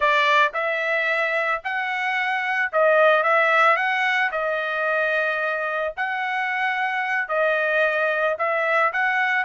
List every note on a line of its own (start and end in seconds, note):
0.00 0.52 D5
0.53 1.61 E5
1.63 2.71 F#5
2.72 3.23 D#5
3.23 3.76 E5
3.76 4.30 F#5
4.31 5.93 D#5
5.96 7.28 F#5
7.28 8.36 D#5
8.38 8.92 E5
8.92 9.44 F#5